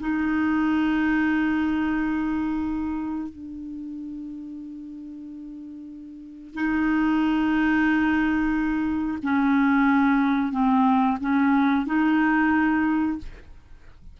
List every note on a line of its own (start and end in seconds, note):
0.00 3.29 D#4
3.29 6.54 D4
6.54 9.18 D#4
9.23 10.52 C#4
10.52 11.18 C4
11.20 11.86 C#4
11.86 13.18 D#4